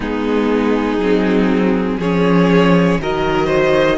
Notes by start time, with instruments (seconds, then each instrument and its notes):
0.00 cello G#3, viola B3, violin D#4 G#4
0.97 cello F#3, viola C4
1.99 cello F3, viola C#4, violin G#4 C#5
3.00 cello D#3, viola F#3, violin A#4 D#5
3.46 violin C5